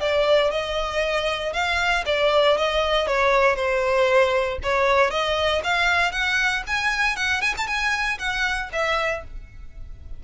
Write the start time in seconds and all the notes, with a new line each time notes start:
0.00 D5
0.51 D#5
1.53 F5
2.06 D5
2.57 D#5
3.07 C#5
3.56 C5
4.63 C#5
5.10 D#5
5.64 F5
6.12 F#5
6.67 G#5
7.16 F#5
7.41 G#5
7.57 A5
7.67 G#5
8.18 F#5
8.72 E5